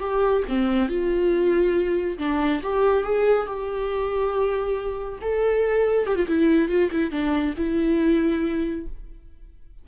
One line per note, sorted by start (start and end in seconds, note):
0.00 0.43 G4
0.49 0.89 C4
0.89 2.18 F4
2.19 2.62 D4
2.63 3.04 G4
3.04 3.47 G#4
3.47 5.20 G4
5.22 6.07 A4
6.07 6.16 G4
6.16 6.26 F4
6.28 6.69 E4
6.69 6.91 F4
6.92 7.11 E4
7.11 7.55 D4
7.57 8.87 E4